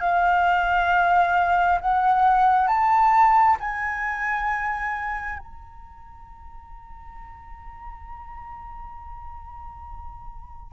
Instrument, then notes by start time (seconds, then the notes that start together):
flute
0.00 F5
1.80 F#5
2.67 A5
3.60 G#5
5.39 A#5